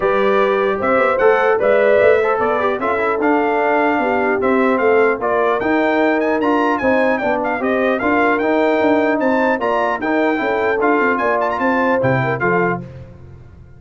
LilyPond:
<<
  \new Staff \with { instrumentName = "trumpet" } { \time 4/4 \tempo 4 = 150 d''2 e''4 fis''4 | e''2 d''4 e''4 | f''2. e''4 | f''4 d''4 g''4. gis''8 |
ais''4 gis''4 g''8 f''8 dis''4 | f''4 g''2 a''4 | ais''4 g''2 f''4 | gis''8 a''16 ais''16 a''4 g''4 f''4 | }
  \new Staff \with { instrumentName = "horn" } { \time 4/4 b'2 c''2 | d''4. c''8 b'4 a'4~ | a'2 g'2 | a'4 ais'2.~ |
ais'4 c''4 d''4 c''4 | ais'2. c''4 | d''4 ais'4 a'2 | d''4 c''4. ais'8 a'4 | }
  \new Staff \with { instrumentName = "trombone" } { \time 4/4 g'2. a'4 | b'4. a'4 g'8 f'8 e'8 | d'2. c'4~ | c'4 f'4 dis'2 |
f'4 dis'4 d'4 g'4 | f'4 dis'2. | f'4 dis'4 e'4 f'4~ | f'2 e'4 f'4 | }
  \new Staff \with { instrumentName = "tuba" } { \time 4/4 g2 c'8 b8 a4 | gis4 a4 b4 cis'4 | d'2 b4 c'4 | a4 ais4 dis'2 |
d'4 c'4 b4 c'4 | d'4 dis'4 d'4 c'4 | ais4 dis'4 cis'4 d'8 c'8 | ais4 c'4 c4 f4 | }
>>